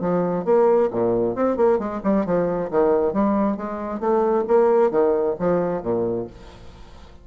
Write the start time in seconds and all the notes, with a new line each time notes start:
0.00 F3
0.45 A#3
0.91 A#2
1.35 C4
1.56 A#3
1.78 G#3
2.03 G3
2.25 F3
2.71 D#3
3.13 G3
3.57 G#3
3.99 A3
4.47 A#3
4.91 D#3
5.39 F3
5.82 A#2